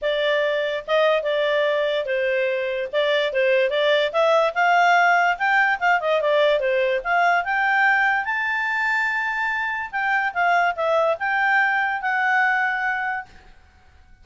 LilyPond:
\new Staff \with { instrumentName = "clarinet" } { \time 4/4 \tempo 4 = 145 d''2 dis''4 d''4~ | d''4 c''2 d''4 | c''4 d''4 e''4 f''4~ | f''4 g''4 f''8 dis''8 d''4 |
c''4 f''4 g''2 | a''1 | g''4 f''4 e''4 g''4~ | g''4 fis''2. | }